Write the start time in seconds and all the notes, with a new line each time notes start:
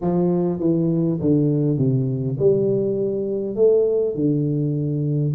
0.01 F3
0.59 E3
1.20 D3
1.77 C3
2.39 G3
3.55 A3
4.15 D3